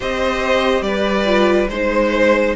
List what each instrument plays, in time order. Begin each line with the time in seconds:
0.00 cello C4, viola G4, violin C5 D#5
0.81 cello G3, violin B4 D5
1.25 viola F4
1.68 cello G#3, viola D#4, violin C5